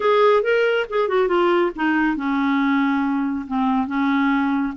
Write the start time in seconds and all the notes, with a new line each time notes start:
0.00 G#4
0.43 A#4
0.89 G#4
1.08 F#4
1.28 F4
1.75 D#4
2.16 C#4
3.47 C4
3.87 C#4